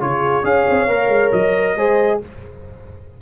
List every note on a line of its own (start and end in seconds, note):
0.00 0.43 C#3
0.00 0.43 F4
0.00 0.45 G#4
0.00 0.45 C#5
0.43 0.65 C#4
0.43 0.87 G#4
0.43 1.76 C#5
0.43 1.32 F5
0.70 0.87 C4
0.87 1.08 A#3
0.87 1.77 A#4
1.08 1.30 G#3
1.32 1.75 F#3
1.32 2.20 D#5
1.75 2.20 G#3
1.75 2.21 G#4
1.75 2.20 C5